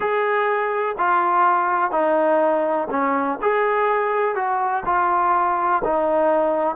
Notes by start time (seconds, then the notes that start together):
0.00 G#4
0.98 F4
1.91 D#4
2.90 C#4
3.41 G#4
4.35 F#4
4.85 F4
5.83 D#4